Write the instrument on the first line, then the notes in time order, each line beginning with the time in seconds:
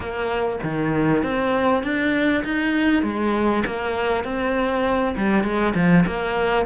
cello
0.00 A#3
0.63 D#3
1.23 C4
1.83 D4
2.44 D#4
3.02 G#3
3.66 A#3
4.24 C4
5.17 G3
5.43 G#3
5.74 F3
6.06 A#3